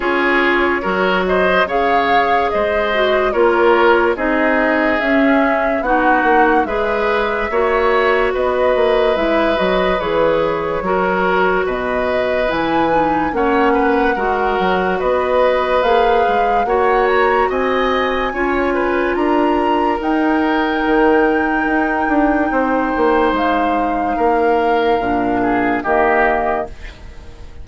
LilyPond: <<
  \new Staff \with { instrumentName = "flute" } { \time 4/4 \tempo 4 = 72 cis''4. dis''8 f''4 dis''4 | cis''4 dis''4 e''4 fis''4 | e''2 dis''4 e''8 dis''8 | cis''2 dis''4 gis''4 |
fis''2 dis''4 f''4 | fis''8 ais''8 gis''2 ais''4 | g''1 | f''2. dis''4 | }
  \new Staff \with { instrumentName = "oboe" } { \time 4/4 gis'4 ais'8 c''8 cis''4 c''4 | ais'4 gis'2 fis'4 | b'4 cis''4 b'2~ | b'4 ais'4 b'2 |
cis''8 b'8 ais'4 b'2 | cis''4 dis''4 cis''8 b'8 ais'4~ | ais'2. c''4~ | c''4 ais'4. gis'8 g'4 | }
  \new Staff \with { instrumentName = "clarinet" } { \time 4/4 f'4 fis'4 gis'4. fis'8 | f'4 dis'4 cis'4 dis'4 | gis'4 fis'2 e'8 fis'8 | gis'4 fis'2 e'8 dis'8 |
cis'4 fis'2 gis'4 | fis'2 f'2 | dis'1~ | dis'2 d'4 ais4 | }
  \new Staff \with { instrumentName = "bassoon" } { \time 4/4 cis'4 fis4 cis4 gis4 | ais4 c'4 cis'4 b8 ais8 | gis4 ais4 b8 ais8 gis8 fis8 | e4 fis4 b,4 e4 |
ais4 gis8 fis8 b4 ais8 gis8 | ais4 c'4 cis'4 d'4 | dis'4 dis4 dis'8 d'8 c'8 ais8 | gis4 ais4 ais,4 dis4 | }
>>